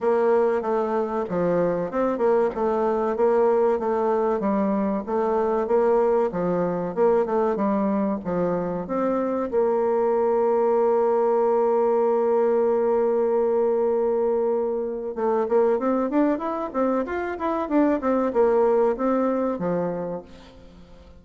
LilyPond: \new Staff \with { instrumentName = "bassoon" } { \time 4/4 \tempo 4 = 95 ais4 a4 f4 c'8 ais8 | a4 ais4 a4 g4 | a4 ais4 f4 ais8 a8 | g4 f4 c'4 ais4~ |
ais1~ | ais1 | a8 ais8 c'8 d'8 e'8 c'8 f'8 e'8 | d'8 c'8 ais4 c'4 f4 | }